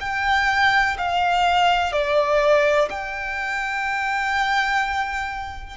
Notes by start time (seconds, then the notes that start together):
0.00 G5
0.98 F5
1.92 D5
2.90 G5